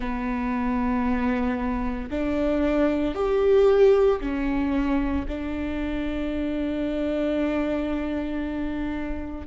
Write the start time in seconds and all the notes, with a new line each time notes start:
0.00 B3
2.10 D4
3.14 G4
4.20 C#4
5.28 D4